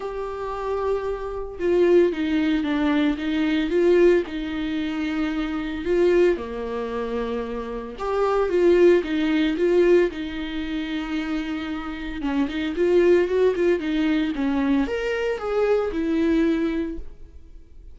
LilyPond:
\new Staff \with { instrumentName = "viola" } { \time 4/4 \tempo 4 = 113 g'2. f'4 | dis'4 d'4 dis'4 f'4 | dis'2. f'4 | ais2. g'4 |
f'4 dis'4 f'4 dis'4~ | dis'2. cis'8 dis'8 | f'4 fis'8 f'8 dis'4 cis'4 | ais'4 gis'4 e'2 | }